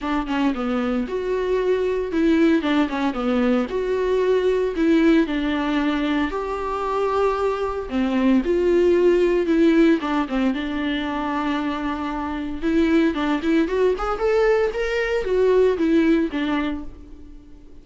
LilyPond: \new Staff \with { instrumentName = "viola" } { \time 4/4 \tempo 4 = 114 d'8 cis'8 b4 fis'2 | e'4 d'8 cis'8 b4 fis'4~ | fis'4 e'4 d'2 | g'2. c'4 |
f'2 e'4 d'8 c'8 | d'1 | e'4 d'8 e'8 fis'8 gis'8 a'4 | ais'4 fis'4 e'4 d'4 | }